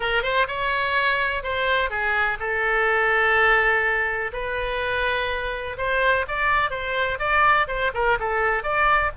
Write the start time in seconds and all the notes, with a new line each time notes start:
0.00 A#4
0.23 C5
0.47 C#5
1.43 C5
1.89 G#4
2.39 A4
4.32 B4
5.77 C5
6.27 D5
6.70 C5
7.19 D5
7.67 C5
7.94 A#4
8.19 A4
8.63 D5